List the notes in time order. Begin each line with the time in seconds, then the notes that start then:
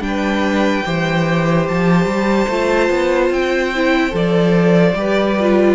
0.00 G3 D4 G5
0.06 B4
0.85 E3 G4 C5
1.68 F3 A5
2.05 G3
2.48 A3 F4
2.89 B3
3.30 C4 G5
3.75 E4
4.10 F3 A4 D5
4.94 G3 G4 B4
5.40 F4